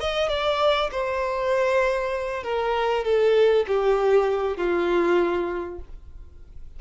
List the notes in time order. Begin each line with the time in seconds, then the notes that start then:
0.00 D#5
0.29 D5
0.91 C5
2.43 A#4
3.05 A4
3.67 G4
4.57 F4